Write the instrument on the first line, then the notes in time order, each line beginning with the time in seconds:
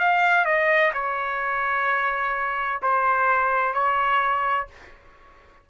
trumpet
0.00 F5
0.46 D#5
0.94 C#5
2.83 C5
3.74 C#5